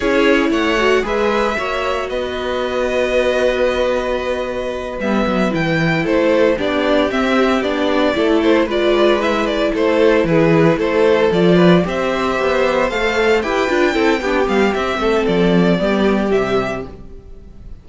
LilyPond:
<<
  \new Staff \with { instrumentName = "violin" } { \time 4/4 \tempo 4 = 114 cis''4 fis''4 e''2 | dis''1~ | dis''4. e''4 g''4 c''8~ | c''8 d''4 e''4 d''4. |
c''8 d''4 e''8 d''8 c''4 b'8~ | b'8 c''4 d''4 e''4.~ | e''8 f''4 g''2 f''8 | e''4 d''2 e''4 | }
  \new Staff \with { instrumentName = "violin" } { \time 4/4 gis'4 cis''4 b'4 cis''4 | b'1~ | b'2.~ b'8 a'8~ | a'8 g'2. a'8~ |
a'8 b'2 a'4 gis'8~ | gis'8 a'4. b'8 c''4.~ | c''4. b'4 a'8 g'4~ | g'8 a'4. g'2 | }
  \new Staff \with { instrumentName = "viola" } { \time 4/4 e'4. fis'8 gis'4 fis'4~ | fis'1~ | fis'4. b4 e'4.~ | e'8 d'4 c'4 d'4 e'8~ |
e'8 f'4 e'2~ e'8~ | e'4. f'4 g'4.~ | g'8 a'4 g'8 f'8 e'8 d'8 b8 | c'2 b4 g4 | }
  \new Staff \with { instrumentName = "cello" } { \time 4/4 cis'4 a4 gis4 ais4 | b1~ | b4. g8 fis8 e4 a8~ | a8 b4 c'4 b4 a8~ |
a8 gis2 a4 e8~ | e8 a4 f4 c'4 b8~ | b8 a4 e'8 d'8 c'8 b8 g8 | c'8 a8 f4 g4 c4 | }
>>